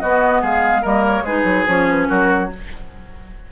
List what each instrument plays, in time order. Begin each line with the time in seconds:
0.00 bassoon B3, clarinet B3, oboe F#4, flute D#5
0.42 bassoon G#3, oboe G#4, flute F5
0.82 bassoon G3, clarinet A#3, oboe A#4, flute D#5
1.07 flute C#5
1.21 bassoon G#3, clarinet D#4, oboe G#4, flute B4
1.45 bassoon F#3
1.67 bassoon F3, clarinet C#4, flute C#5
1.90 flute B4
2.08 bassoon F#3, oboe F#4, flute A#4